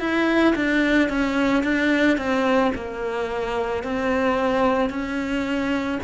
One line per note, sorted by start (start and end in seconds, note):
0.00 0.55 E4
0.56 1.09 D4
1.09 1.64 C#4
1.64 2.18 D4
2.18 2.72 C4
2.75 3.84 A#3
3.84 4.90 C4
4.90 5.99 C#4